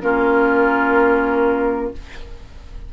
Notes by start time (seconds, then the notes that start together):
0.00 A#3 C#4 F4 A#4